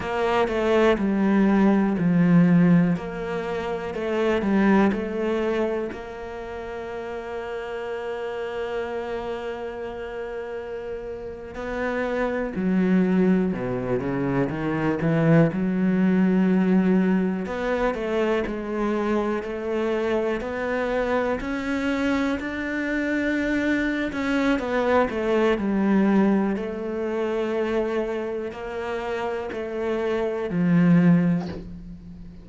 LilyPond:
\new Staff \with { instrumentName = "cello" } { \time 4/4 \tempo 4 = 61 ais8 a8 g4 f4 ais4 | a8 g8 a4 ais2~ | ais2.~ ais8. b16~ | b8. fis4 b,8 cis8 dis8 e8 fis16~ |
fis4.~ fis16 b8 a8 gis4 a16~ | a8. b4 cis'4 d'4~ d'16~ | d'8 cis'8 b8 a8 g4 a4~ | a4 ais4 a4 f4 | }